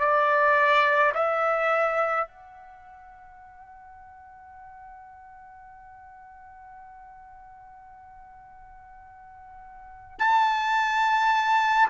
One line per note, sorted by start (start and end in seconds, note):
0.00 1.13 D5
1.15 2.28 E5
2.28 10.19 F#5
10.19 11.89 A5